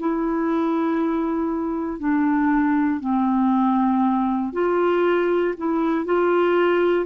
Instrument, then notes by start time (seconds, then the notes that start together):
clarinet
0.00 E4
1.99 D4
3.00 C4
4.53 F4
5.57 E4
6.06 F4